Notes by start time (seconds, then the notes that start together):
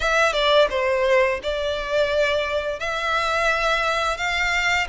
0.00 E5
0.33 D5
0.70 C5
1.43 D5
2.79 E5
4.17 F5